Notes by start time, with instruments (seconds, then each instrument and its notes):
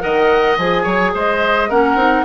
0.00 bassoon D#3, clarinet A#4, oboe D#5, flute F#5
0.57 bassoon F3, clarinet G#4, flute G#5
0.83 bassoon F#3, oboe C#5
1.14 bassoon G#3, oboe C5, flute D#5
1.69 bassoon A#3, clarinet C#4, oboe A#4, flute F#5
1.95 bassoon C4, clarinet D#4